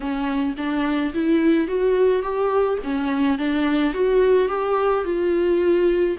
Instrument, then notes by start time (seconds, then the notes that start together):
viola
0.00 C#4
0.57 D4
1.14 E4
1.67 F#4
2.22 G4
2.83 C#4
3.38 D4
3.93 F#4
4.48 G4
5.04 F4